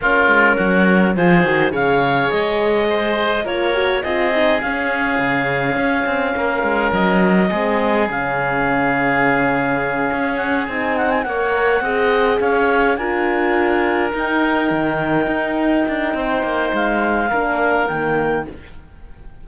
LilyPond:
<<
  \new Staff \with { instrumentName = "clarinet" } { \time 4/4 \tempo 4 = 104 ais'2 c''4 f''4 | dis''2 cis''4 dis''4 | f''1 | dis''2 f''2~ |
f''2 fis''8 gis''8 fis''16 gis''16 fis''8~ | fis''4. f''4 gis''4.~ | gis''8 g''2.~ g''8~ | g''4 f''2 g''4 | }
  \new Staff \with { instrumentName = "oboe" } { \time 4/4 f'4 fis'4 gis'4 cis''4~ | cis''4 c''4 ais'4 gis'4~ | gis'2. ais'4~ | ais'4 gis'2.~ |
gis'2.~ gis'8 cis''8~ | cis''8 dis''4 cis''4 ais'4.~ | ais'1 | c''2 ais'2 | }
  \new Staff \with { instrumentName = "horn" } { \time 4/4 cis'2 f'8 fis'8 gis'4~ | gis'2 f'8 fis'8 f'8 dis'8 | cis'1~ | cis'4 c'4 cis'2~ |
cis'2~ cis'8 dis'4 ais'8~ | ais'8 gis'2 f'4.~ | f'8 dis'2.~ dis'8~ | dis'2 d'4 ais4 | }
  \new Staff \with { instrumentName = "cello" } { \time 4/4 ais8 gis8 fis4 f8 dis8 cis4 | gis2 ais4 c'4 | cis'4 cis4 cis'8 c'8 ais8 gis8 | fis4 gis4 cis2~ |
cis4. cis'4 c'4 ais8~ | ais8 c'4 cis'4 d'4.~ | d'8 dis'4 dis4 dis'4 d'8 | c'8 ais8 gis4 ais4 dis4 | }
>>